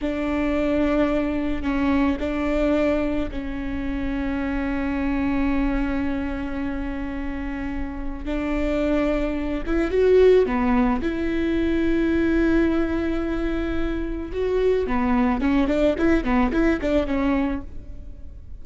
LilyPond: \new Staff \with { instrumentName = "viola" } { \time 4/4 \tempo 4 = 109 d'2. cis'4 | d'2 cis'2~ | cis'1~ | cis'2. d'4~ |
d'4. e'8 fis'4 b4 | e'1~ | e'2 fis'4 b4 | cis'8 d'8 e'8 b8 e'8 d'8 cis'4 | }